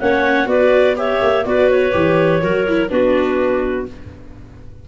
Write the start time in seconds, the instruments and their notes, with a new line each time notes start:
0.00 tuba A#3, viola C#4, clarinet C#5 F#5
0.46 tuba B3, viola F#4, clarinet B4 D5
0.96 viola G4, clarinet C#5 E5
1.22 tuba A#3
1.45 tuba B3, viola F#4, clarinet B4 D5
1.70 clarinet C#5
1.92 tuba E3, viola G4
2.42 tuba F#3, viola F#4, clarinet A#4
2.68 viola E4
2.89 tuba B3, viola D4, clarinet F#4 B4